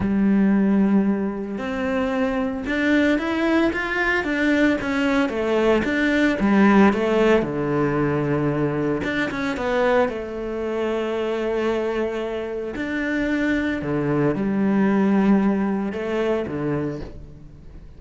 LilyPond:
\new Staff \with { instrumentName = "cello" } { \time 4/4 \tempo 4 = 113 g2. c'4~ | c'4 d'4 e'4 f'4 | d'4 cis'4 a4 d'4 | g4 a4 d2~ |
d4 d'8 cis'8 b4 a4~ | a1 | d'2 d4 g4~ | g2 a4 d4 | }